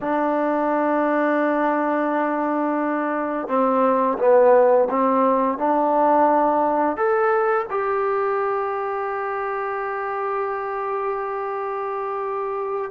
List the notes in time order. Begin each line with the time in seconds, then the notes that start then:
0.00 D4
3.48 C4
4.18 B3
4.90 C4
5.58 D4
6.96 A4
7.70 G4